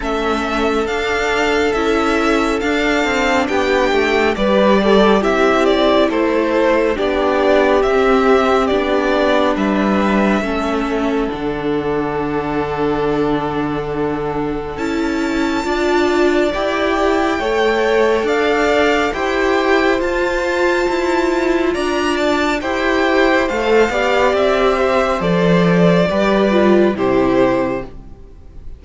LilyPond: <<
  \new Staff \with { instrumentName = "violin" } { \time 4/4 \tempo 4 = 69 e''4 f''4 e''4 f''4 | g''4 d''4 e''8 d''8 c''4 | d''4 e''4 d''4 e''4~ | e''4 fis''2.~ |
fis''4 a''2 g''4~ | g''4 f''4 g''4 a''4~ | a''4 ais''8 a''8 g''4 f''4 | e''4 d''2 c''4 | }
  \new Staff \with { instrumentName = "violin" } { \time 4/4 a'1 | g'4 b'8 a'8 g'4 a'4 | g'2. b'4 | a'1~ |
a'2 d''2 | cis''4 d''4 c''2~ | c''4 d''4 c''4. d''8~ | d''8 c''4. b'4 g'4 | }
  \new Staff \with { instrumentName = "viola" } { \time 4/4 cis'4 d'4 e'4 d'4~ | d'4 g'4 e'2 | d'4 c'4 d'2 | cis'4 d'2.~ |
d'4 e'4 f'4 g'4 | a'2 g'4 f'4~ | f'2 g'4 a'8 g'8~ | g'4 a'4 g'8 f'8 e'4 | }
  \new Staff \with { instrumentName = "cello" } { \time 4/4 a4 d'4 cis'4 d'8 c'8 | b8 a8 g4 c'4 a4 | b4 c'4 b4 g4 | a4 d2.~ |
d4 cis'4 d'4 e'4 | a4 d'4 e'4 f'4 | e'4 d'4 e'4 a8 b8 | c'4 f4 g4 c4 | }
>>